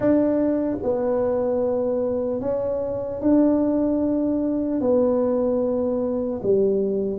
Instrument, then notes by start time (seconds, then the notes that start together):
tuba
0.00 D4
0.83 B3
2.40 C#4
3.20 D4
4.80 B3
6.43 G3